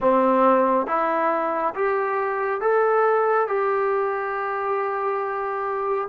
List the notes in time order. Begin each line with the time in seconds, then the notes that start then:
0.00 C4
0.87 E4
1.74 G4
2.60 A4
3.47 G4